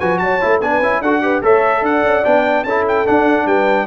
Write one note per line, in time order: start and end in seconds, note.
0.00 0.21 F3
0.00 0.41 F#4
0.00 0.21 B4
0.00 0.19 G#5
0.19 0.41 F#3
0.19 0.61 C#5
0.19 0.59 A5
0.41 0.62 A3
0.41 0.62 E4
0.61 0.81 B3
0.61 0.83 D4
0.61 1.02 B4
0.61 1.02 G#5
0.81 1.01 C#4
0.81 1.04 E4
1.01 1.42 D4
1.01 1.22 F#4
1.01 1.23 A4
1.01 1.43 F#5
1.22 1.42 G4
1.22 1.43 B4
1.42 1.82 A3
1.42 2.24 A4
1.42 1.84 C#5
1.42 1.85 E5
1.82 2.03 D4
1.82 2.65 D5
1.82 2.25 F#5
2.03 2.23 C#4
2.25 2.64 B3
2.25 2.66 D4
2.25 2.64 G5
2.64 3.05 C#4
2.64 3.06 E4
2.64 3.47 A4
2.64 2.85 A5
2.88 3.07 G5
3.06 3.87 D4
3.06 3.46 D4
3.06 3.47 F#5
3.46 3.87 G3
3.46 3.87 B4
3.46 3.87 G5